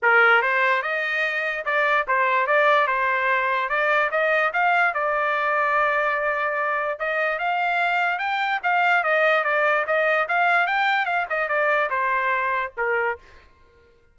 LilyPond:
\new Staff \with { instrumentName = "trumpet" } { \time 4/4 \tempo 4 = 146 ais'4 c''4 dis''2 | d''4 c''4 d''4 c''4~ | c''4 d''4 dis''4 f''4 | d''1~ |
d''4 dis''4 f''2 | g''4 f''4 dis''4 d''4 | dis''4 f''4 g''4 f''8 dis''8 | d''4 c''2 ais'4 | }